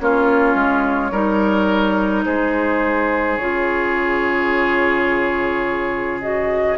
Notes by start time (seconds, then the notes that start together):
0.00 A#3 C#4 F4 C#5
0.55 G#3
1.12 G3 D#4 A#4
2.26 G#3 G#4 C5
3.37 C#3 F4 C#5
6.21 F#4 D#5